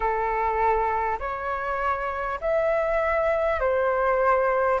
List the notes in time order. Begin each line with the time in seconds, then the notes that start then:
0.00 A4
1.19 C#5
2.40 E5
3.59 C5